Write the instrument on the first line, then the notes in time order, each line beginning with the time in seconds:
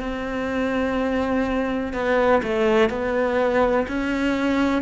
cello
0.00 C4
1.93 B3
2.43 A3
2.89 B3
3.88 C#4